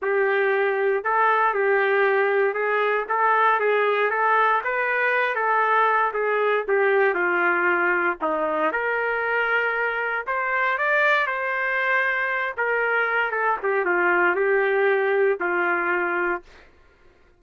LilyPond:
\new Staff \with { instrumentName = "trumpet" } { \time 4/4 \tempo 4 = 117 g'2 a'4 g'4~ | g'4 gis'4 a'4 gis'4 | a'4 b'4. a'4. | gis'4 g'4 f'2 |
dis'4 ais'2. | c''4 d''4 c''2~ | c''8 ais'4. a'8 g'8 f'4 | g'2 f'2 | }